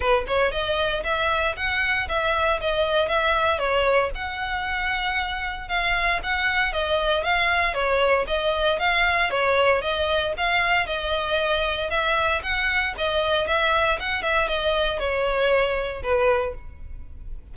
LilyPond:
\new Staff \with { instrumentName = "violin" } { \time 4/4 \tempo 4 = 116 b'8 cis''8 dis''4 e''4 fis''4 | e''4 dis''4 e''4 cis''4 | fis''2. f''4 | fis''4 dis''4 f''4 cis''4 |
dis''4 f''4 cis''4 dis''4 | f''4 dis''2 e''4 | fis''4 dis''4 e''4 fis''8 e''8 | dis''4 cis''2 b'4 | }